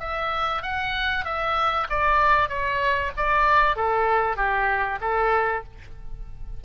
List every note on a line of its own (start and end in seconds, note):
0.00 0.62 E5
0.62 1.25 F#5
1.25 1.88 E5
1.90 2.49 D5
2.49 3.11 C#5
3.17 3.76 D5
3.76 4.37 A4
4.37 4.99 G4
5.01 5.64 A4